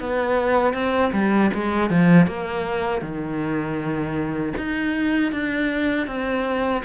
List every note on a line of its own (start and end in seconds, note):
0.00 0.74 B3
0.74 1.12 C4
1.13 1.51 G3
1.54 1.90 G#3
1.90 2.27 F3
2.27 3.02 A#3
3.02 4.54 D#3
4.57 5.32 D#4
5.32 6.07 D4
6.07 6.83 C4